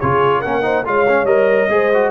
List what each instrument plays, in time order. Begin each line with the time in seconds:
0.00 tuba C#3, trombone F4, horn G#4, trumpet C#5
0.40 tuba A#3, trombone C#4, horn A#4, trumpet F#5
0.62 trombone D#4, horn C5
0.85 tuba G#3, trombone F4, horn C#5, trumpet F5
1.08 trombone C#4
1.24 tuba G3, trombone A#4, trumpet D#5
1.69 tuba G#3, trombone G#4, horn C5
1.94 trombone F#4